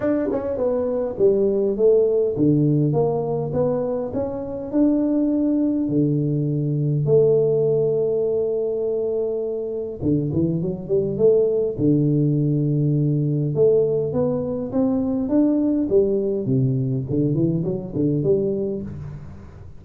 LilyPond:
\new Staff \with { instrumentName = "tuba" } { \time 4/4 \tempo 4 = 102 d'8 cis'8 b4 g4 a4 | d4 ais4 b4 cis'4 | d'2 d2 | a1~ |
a4 d8 e8 fis8 g8 a4 | d2. a4 | b4 c'4 d'4 g4 | c4 d8 e8 fis8 d8 g4 | }